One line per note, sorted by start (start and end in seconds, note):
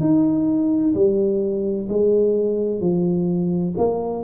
0.00 0.94 D#4
0.94 1.88 G3
1.89 2.80 G#3
2.80 3.74 F3
3.78 4.23 A#3